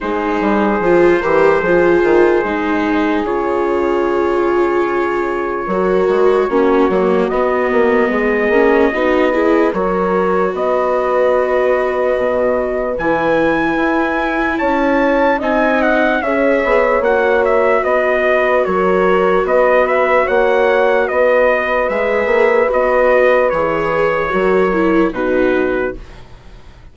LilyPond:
<<
  \new Staff \with { instrumentName = "trumpet" } { \time 4/4 \tempo 4 = 74 c''1 | cis''1~ | cis''4 dis''2. | cis''4 dis''2. |
gis''2 a''4 gis''8 fis''8 | e''4 fis''8 e''8 dis''4 cis''4 | dis''8 e''8 fis''4 dis''4 e''4 | dis''4 cis''2 b'4 | }
  \new Staff \with { instrumentName = "horn" } { \time 4/4 gis'4. ais'8 gis'2~ | gis'2. ais'4 | fis'2 gis'4 fis'8 gis'8 | ais'4 b'2.~ |
b'2 cis''4 dis''4 | cis''2 b'4 ais'4 | b'4 cis''4 b'2~ | b'2 ais'4 fis'4 | }
  \new Staff \with { instrumentName = "viola" } { \time 4/4 dis'4 f'8 g'8 f'4 dis'4 | f'2. fis'4 | cis'8 ais8 b4. cis'8 dis'8 e'8 | fis'1 |
e'2. dis'4 | gis'4 fis'2.~ | fis'2. gis'4 | fis'4 gis'4 fis'8 e'8 dis'4 | }
  \new Staff \with { instrumentName = "bassoon" } { \time 4/4 gis8 g8 f8 e8 f8 dis8 gis4 | cis2. fis8 gis8 | ais8 fis8 b8 ais8 gis8 ais8 b4 | fis4 b2 b,4 |
e4 e'4 cis'4 c'4 | cis'8 b8 ais4 b4 fis4 | b4 ais4 b4 gis8 ais8 | b4 e4 fis4 b,4 | }
>>